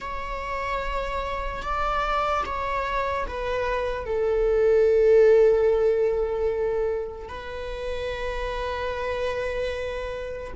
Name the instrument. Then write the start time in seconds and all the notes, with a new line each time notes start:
viola
0.00 C#5
1.62 D5
2.45 C#5
3.27 B4
4.05 A4
7.28 B4